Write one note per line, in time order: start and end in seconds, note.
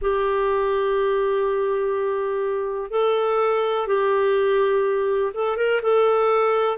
0.01 2.90 G4
2.90 3.87 A4
3.87 5.32 G4
5.34 5.56 A4
5.56 5.81 A#4
5.82 6.77 A4